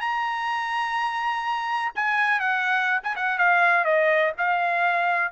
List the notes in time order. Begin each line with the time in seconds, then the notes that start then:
0.00 A#5
1.95 G#5
2.40 F#5
3.03 G#5
3.15 F#5
3.38 F5
3.84 D#5
4.38 F5